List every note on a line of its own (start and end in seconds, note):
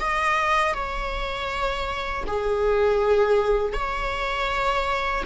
0.00 0.74 D#5
0.74 2.24 C#5
2.27 3.73 G#4
3.73 5.23 C#5